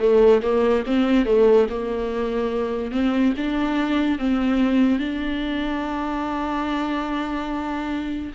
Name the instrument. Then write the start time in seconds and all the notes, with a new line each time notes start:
viola
0.00 A3
0.42 A#3
0.86 C4
1.26 A3
1.70 A#3
2.92 C4
3.37 D4
4.19 C4
4.99 D4